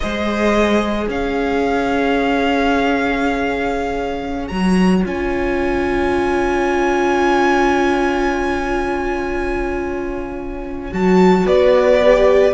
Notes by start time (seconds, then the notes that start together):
0.00 G#3 G#4 C5 D#5
1.09 C#4 C#5 F5
4.47 F#3 F#4 A#5
5.02 C#4 F4 G#5
10.91 F#3 F#4 A5
11.45 B3 B4 D5
12.03 G4